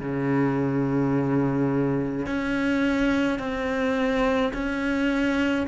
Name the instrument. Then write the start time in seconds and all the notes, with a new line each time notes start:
cello
0.00 C#3
2.26 C#4
3.39 C4
4.53 C#4